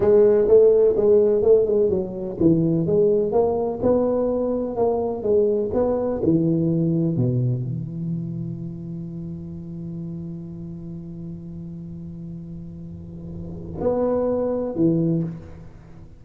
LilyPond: \new Staff \with { instrumentName = "tuba" } { \time 4/4 \tempo 4 = 126 gis4 a4 gis4 a8 gis8 | fis4 e4 gis4 ais4 | b2 ais4 gis4 | b4 e2 b,4 |
e1~ | e1~ | e1~ | e4 b2 e4 | }